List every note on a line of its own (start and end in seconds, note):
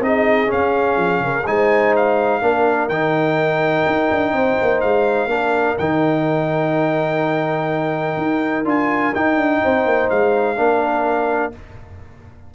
0.00 0.48 C4
0.00 0.47 D#4
0.00 1.24 G#4
0.00 0.51 D#5
0.47 1.43 C#4
0.47 0.97 C#4
0.47 1.47 F5
0.97 1.20 F3
1.20 1.44 C#3
1.20 1.48 A#4
1.47 2.42 G#3
1.47 2.42 D#4
1.47 2.43 C5
1.47 1.95 G#5
1.96 2.89 F5
2.42 2.89 A#3
2.42 2.90 D4
2.42 4.34 A#4
2.89 3.85 D#3
2.89 5.29 D#4
2.89 4.81 G5
3.86 4.10 D#4
4.11 4.32 D4
4.32 4.56 C4
4.32 5.30 C5
4.61 4.83 A#3
4.81 5.27 G#3
4.81 5.77 F5
5.27 5.75 A#3
5.27 5.77 D4
5.27 9.62 A#4
5.78 8.17 D#3
5.78 8.65 D#4
5.78 8.66 G5
8.17 8.65 D#4
8.65 9.13 D4
8.65 9.13 F4
8.65 9.14 G#5
9.14 10.56 D#4
9.14 9.37 D#4
9.14 10.10 G5
9.37 9.61 D4
9.62 9.85 C4
9.62 10.58 C5
9.85 10.09 A#3
10.10 10.58 G#3
10.10 11.54 F5
10.56 11.54 A#3
10.56 11.52 D4
10.56 11.54 A#4